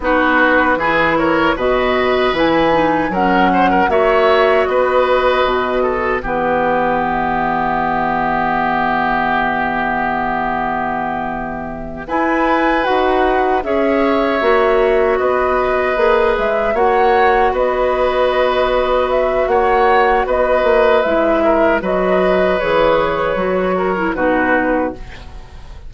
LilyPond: <<
  \new Staff \with { instrumentName = "flute" } { \time 4/4 \tempo 4 = 77 b'4. cis''8 dis''4 gis''4 | fis''4 e''4 dis''2 | b'4 e''2.~ | e''2.~ e''8 gis''8~ |
gis''8 fis''4 e''2 dis''8~ | dis''4 e''8 fis''4 dis''4.~ | dis''8 e''8 fis''4 dis''4 e''4 | dis''4 cis''2 b'4 | }
  \new Staff \with { instrumentName = "oboe" } { \time 4/4 fis'4 gis'8 ais'8 b'2 | ais'8 c''16 ais'16 cis''4 b'4. a'8 | g'1~ | g'2.~ g'8 b'8~ |
b'4. cis''2 b'8~ | b'4. cis''4 b'4.~ | b'4 cis''4 b'4. ais'8 | b'2~ b'8 ais'8 fis'4 | }
  \new Staff \with { instrumentName = "clarinet" } { \time 4/4 dis'4 e'4 fis'4 e'8 dis'8 | cis'4 fis'2. | b1~ | b2.~ b8 e'8~ |
e'8 fis'4 gis'4 fis'4.~ | fis'8 gis'4 fis'2~ fis'8~ | fis'2. e'4 | fis'4 gis'4 fis'8. e'16 dis'4 | }
  \new Staff \with { instrumentName = "bassoon" } { \time 4/4 b4 e4 b,4 e4 | fis4 ais4 b4 b,4 | e1~ | e2.~ e8 e'8~ |
e'8 dis'4 cis'4 ais4 b8~ | b8 ais8 gis8 ais4 b4.~ | b4 ais4 b8 ais8 gis4 | fis4 e4 fis4 b,4 | }
>>